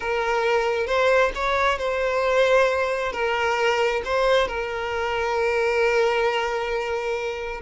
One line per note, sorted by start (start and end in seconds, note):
0.00 0.86 A#4
0.86 1.31 C5
1.34 1.78 C#5
1.78 3.12 C5
3.12 4.02 A#4
4.04 4.47 C5
4.47 7.61 A#4